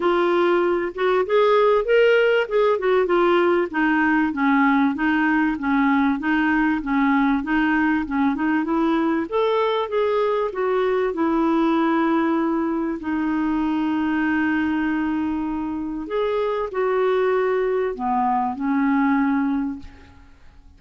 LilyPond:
\new Staff \with { instrumentName = "clarinet" } { \time 4/4 \tempo 4 = 97 f'4. fis'8 gis'4 ais'4 | gis'8 fis'8 f'4 dis'4 cis'4 | dis'4 cis'4 dis'4 cis'4 | dis'4 cis'8 dis'8 e'4 a'4 |
gis'4 fis'4 e'2~ | e'4 dis'2.~ | dis'2 gis'4 fis'4~ | fis'4 b4 cis'2 | }